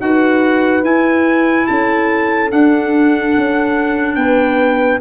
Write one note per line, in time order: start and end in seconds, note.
0.00 0.83 D#4
0.00 0.83 F#4
0.00 1.69 B4
0.00 0.84 F#5
0.83 2.50 E4
0.83 1.67 E4
0.83 1.67 G#5
1.67 2.53 C#4
1.67 4.18 A4
1.67 2.50 A5
2.50 5.00 D4
2.50 3.36 D4
2.50 4.16 F#5
3.37 4.16 C#4
4.16 4.99 B3
4.16 5.01 B4
4.16 4.99 G5